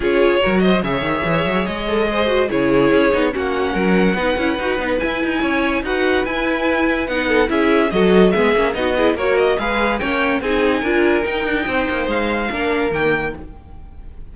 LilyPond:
<<
  \new Staff \with { instrumentName = "violin" } { \time 4/4 \tempo 4 = 144 cis''4. dis''8 e''2 | dis''2 cis''2 | fis''1 | gis''2 fis''4 gis''4~ |
gis''4 fis''4 e''4 dis''4 | e''4 dis''4 cis''8 dis''8 f''4 | g''4 gis''2 g''4~ | g''4 f''2 g''4 | }
  \new Staff \with { instrumentName = "violin" } { \time 4/4 gis'4 ais'8 c''8 cis''2~ | cis''4 c''4 gis'2 | fis'4 ais'4 b'2~ | b'4 cis''4 b'2~ |
b'4. a'8 gis'4 a'4 | gis'4 fis'8 gis'8 ais'4 b'4 | cis''4 gis'4 ais'2 | c''2 ais'2 | }
  \new Staff \with { instrumentName = "viola" } { \time 4/4 f'4 fis'4 gis'2~ | gis'8 a'8 gis'8 fis'8 e'4. dis'8 | cis'2 dis'8 e'8 fis'8 dis'8 | e'2 fis'4 e'4~ |
e'4 dis'4 e'4 fis'4 | b8 cis'8 dis'8 e'8 fis'4 gis'4 | cis'4 dis'4 f'4 dis'4~ | dis'2 d'4 ais4 | }
  \new Staff \with { instrumentName = "cello" } { \time 4/4 cis'4 fis4 cis8 dis8 e8 fis8 | gis2 cis4 cis'8 b8 | ais4 fis4 b8 cis'8 dis'8 b8 | e'8 dis'8 cis'4 dis'4 e'4~ |
e'4 b4 cis'4 fis4 | gis8 ais8 b4 ais4 gis4 | ais4 c'4 d'4 dis'8 d'8 | c'8 ais8 gis4 ais4 dis4 | }
>>